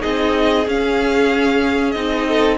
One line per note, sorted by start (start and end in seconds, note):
0.00 0.66 C4
0.00 0.65 D#4
0.00 2.27 G#4
0.00 0.67 D#5
0.66 1.95 C#4
0.66 1.91 F5
1.91 2.58 C4
1.91 2.58 D#4
1.91 2.56 D#5
2.28 2.58 A4